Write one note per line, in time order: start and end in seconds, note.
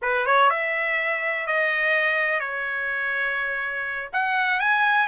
0.01 0.26 B4
0.26 0.50 C#5
0.50 1.46 E5
1.46 2.40 D#5
2.40 4.09 C#5
4.13 4.60 F#5
4.60 5.07 G#5